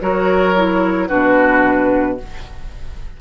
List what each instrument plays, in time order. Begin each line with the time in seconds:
0.00 bassoon F#3, clarinet F#4, oboe A#4, flute C#5
0.56 clarinet E4
1.08 bassoon B2, clarinet D4, oboe F#4, flute B4